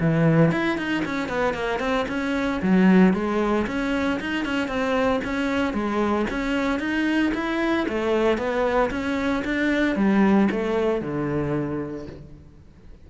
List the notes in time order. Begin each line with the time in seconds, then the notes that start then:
0.00 E3
0.51 E4
0.78 D#4
1.05 C#4
1.28 B3
1.53 A#3
1.79 C4
2.08 C#4
2.62 F#3
3.13 G#3
3.67 C#4
4.20 D#4
4.45 C#4
4.68 C4
5.24 C#4
5.73 G#3
6.30 C#4
6.79 D#4
7.34 E4
7.88 A3
8.38 B3
8.90 C#4
9.44 D4
9.96 G3
10.51 A3
11.01 D3